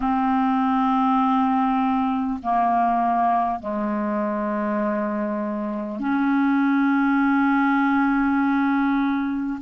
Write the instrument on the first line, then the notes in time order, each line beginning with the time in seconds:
clarinet
0.00 C4
2.42 A#3
3.59 G#3
5.99 C#4